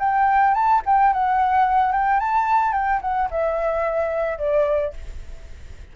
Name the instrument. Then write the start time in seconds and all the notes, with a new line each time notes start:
flute
0.00 G5
0.55 A5
0.86 G5
1.14 F#5
1.93 G5
2.20 A5
2.73 G5
3.02 F#5
3.31 E5
4.39 D5